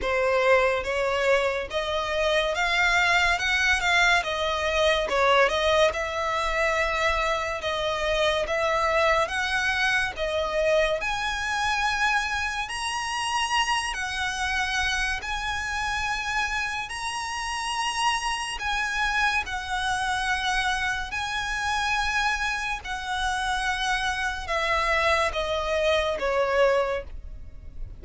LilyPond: \new Staff \with { instrumentName = "violin" } { \time 4/4 \tempo 4 = 71 c''4 cis''4 dis''4 f''4 | fis''8 f''8 dis''4 cis''8 dis''8 e''4~ | e''4 dis''4 e''4 fis''4 | dis''4 gis''2 ais''4~ |
ais''8 fis''4. gis''2 | ais''2 gis''4 fis''4~ | fis''4 gis''2 fis''4~ | fis''4 e''4 dis''4 cis''4 | }